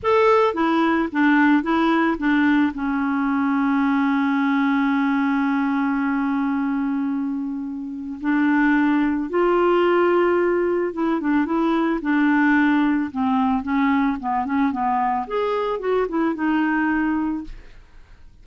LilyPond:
\new Staff \with { instrumentName = "clarinet" } { \time 4/4 \tempo 4 = 110 a'4 e'4 d'4 e'4 | d'4 cis'2.~ | cis'1~ | cis'2. d'4~ |
d'4 f'2. | e'8 d'8 e'4 d'2 | c'4 cis'4 b8 cis'8 b4 | gis'4 fis'8 e'8 dis'2 | }